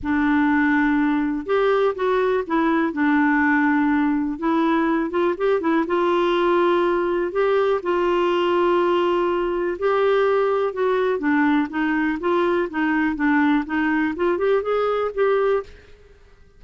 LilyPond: \new Staff \with { instrumentName = "clarinet" } { \time 4/4 \tempo 4 = 123 d'2. g'4 | fis'4 e'4 d'2~ | d'4 e'4. f'8 g'8 e'8 | f'2. g'4 |
f'1 | g'2 fis'4 d'4 | dis'4 f'4 dis'4 d'4 | dis'4 f'8 g'8 gis'4 g'4 | }